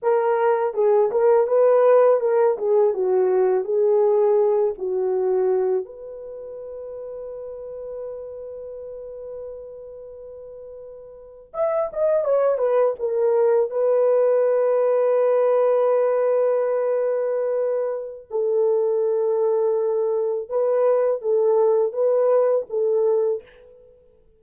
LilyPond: \new Staff \with { instrumentName = "horn" } { \time 4/4 \tempo 4 = 82 ais'4 gis'8 ais'8 b'4 ais'8 gis'8 | fis'4 gis'4. fis'4. | b'1~ | b'2.~ b'8. e''16~ |
e''16 dis''8 cis''8 b'8 ais'4 b'4~ b'16~ | b'1~ | b'4 a'2. | b'4 a'4 b'4 a'4 | }